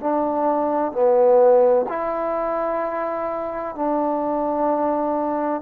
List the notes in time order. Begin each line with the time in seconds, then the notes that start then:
0.00 D4
0.92 B3
1.88 E4
3.75 D4